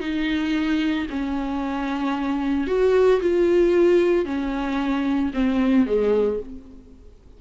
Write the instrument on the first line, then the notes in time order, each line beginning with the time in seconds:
viola
0.00 D#4
1.10 C#4
2.67 F#4
3.21 F4
4.26 C#4
5.34 C4
5.86 G#3